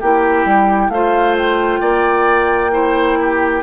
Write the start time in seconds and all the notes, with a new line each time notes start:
0.00 A#3 E4 G4 G5
0.45 G3
0.89 A3 F4 C5 F5
1.38 G5
1.80 A#3 D5
2.72 E4 C5
3.20 G4